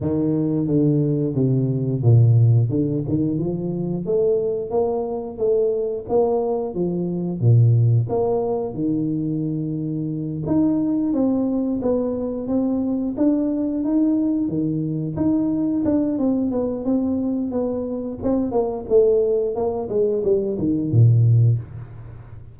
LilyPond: \new Staff \with { instrumentName = "tuba" } { \time 4/4 \tempo 4 = 89 dis4 d4 c4 ais,4 | d8 dis8 f4 a4 ais4 | a4 ais4 f4 ais,4 | ais4 dis2~ dis8 dis'8~ |
dis'8 c'4 b4 c'4 d'8~ | d'8 dis'4 dis4 dis'4 d'8 | c'8 b8 c'4 b4 c'8 ais8 | a4 ais8 gis8 g8 dis8 ais,4 | }